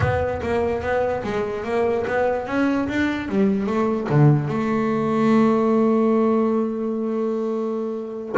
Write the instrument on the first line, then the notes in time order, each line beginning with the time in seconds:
double bass
0.00 B3
0.42 A#3
0.82 B3
1.23 G#3
1.64 A#3
2.06 B3
2.47 C#4
2.88 D4
3.28 G3
3.66 A3
4.09 D3
4.48 A3